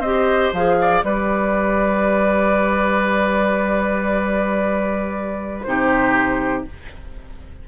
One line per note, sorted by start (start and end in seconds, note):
0.00 0.50 C4
0.00 0.55 G4
0.00 0.76 C5
0.00 0.52 D#5
0.53 1.03 F3
0.53 1.04 G#4
0.53 1.04 F5
0.81 1.06 D5
1.04 5.66 G3
1.04 5.66 G4
1.04 5.68 B4
1.04 5.63 D5
5.63 6.66 C3
5.63 6.66 D#4
5.63 6.68 G4
5.63 6.63 C5